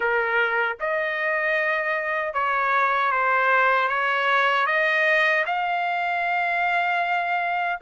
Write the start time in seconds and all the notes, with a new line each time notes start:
0.00 A#4
0.80 D#5
2.33 C#5
3.11 C5
3.88 C#5
4.66 D#5
5.45 F5